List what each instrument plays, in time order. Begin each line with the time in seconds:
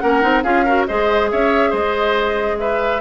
0.00 bassoon A#3, clarinet C#4, oboe A#4, flute F#5
0.22 bassoon C4, clarinet D#4
0.43 bassoon C#4, clarinet F4, oboe G#4, flute F5
0.65 clarinet F#4, oboe A#4
0.87 bassoon G#3, clarinet G#4, oboe C5, flute D#5
1.31 bassoon C#4, oboe C#5, flute E5
1.70 bassoon G#3, oboe C5, flute D#5
2.59 oboe B4, flute E5